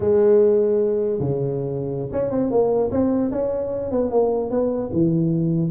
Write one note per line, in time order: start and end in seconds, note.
0.00 1.19 G#3
1.19 2.09 C#3
2.11 2.30 C#4
2.30 2.50 C4
2.50 2.90 A#3
2.91 3.31 C4
3.31 3.91 C#4
3.91 4.11 B3
4.11 4.50 A#3
4.50 4.90 B3
4.92 5.71 E3